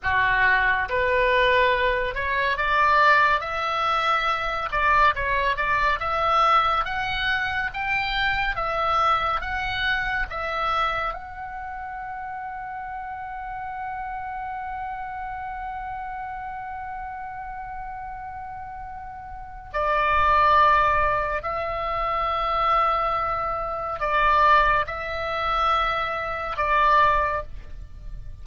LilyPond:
\new Staff \with { instrumentName = "oboe" } { \time 4/4 \tempo 4 = 70 fis'4 b'4. cis''8 d''4 | e''4. d''8 cis''8 d''8 e''4 | fis''4 g''4 e''4 fis''4 | e''4 fis''2.~ |
fis''1~ | fis''2. d''4~ | d''4 e''2. | d''4 e''2 d''4 | }